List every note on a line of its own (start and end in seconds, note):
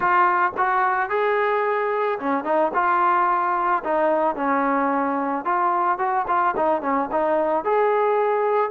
0.00 0.52 F4
0.57 1.09 F#4
1.09 2.18 G#4
2.19 2.44 C#4
2.44 2.71 D#4
2.74 3.83 F4
3.84 4.35 D#4
4.35 5.44 C#4
5.44 5.98 F4
5.98 6.25 F#4
6.27 6.54 F4
6.56 6.81 D#4
6.81 7.09 C#4
7.11 7.64 D#4
7.64 8.70 G#4